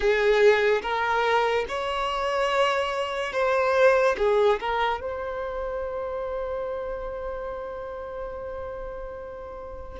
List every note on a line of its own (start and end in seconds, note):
0.00 0.81 G#4
0.81 1.65 A#4
1.68 3.33 C#5
3.33 4.16 C5
4.17 4.59 G#4
4.60 5.00 A#4
5.00 10.00 C5